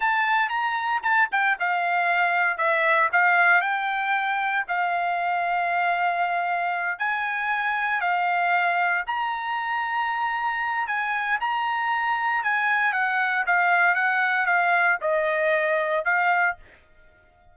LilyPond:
\new Staff \with { instrumentName = "trumpet" } { \time 4/4 \tempo 4 = 116 a''4 ais''4 a''8 g''8 f''4~ | f''4 e''4 f''4 g''4~ | g''4 f''2.~ | f''4. gis''2 f''8~ |
f''4. ais''2~ ais''8~ | ais''4 gis''4 ais''2 | gis''4 fis''4 f''4 fis''4 | f''4 dis''2 f''4 | }